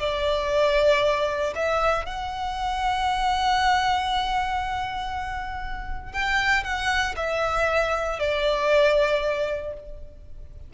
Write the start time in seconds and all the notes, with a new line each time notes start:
0.00 D5
1.56 E5
2.06 F#5
6.14 G5
6.64 F#5
7.17 E5
8.20 D5